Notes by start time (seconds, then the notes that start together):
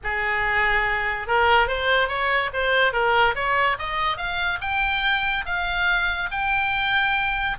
0.03 G#4
1.27 A#4
1.67 C5
2.08 C#5
2.53 C5
2.92 A#4
3.35 C#5
3.78 D#5
4.17 F5
4.61 G5
5.45 F5
6.31 G5